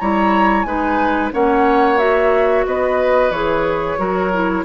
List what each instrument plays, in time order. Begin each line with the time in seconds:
0.00 bassoon G3, clarinet E4, oboe C#5, flute A#5
0.62 bassoon G#3, clarinet D#4, oboe B4, flute G#5
1.32 bassoon A#3, clarinet C#4, oboe C#5, flute F#5
1.98 clarinet F#4, flute E5
2.66 bassoon B3, oboe B4, flute D#5
3.30 bassoon E3, clarinet G#4, flute C#5
3.98 bassoon F#3, clarinet F#4, oboe A#4
4.33 clarinet E4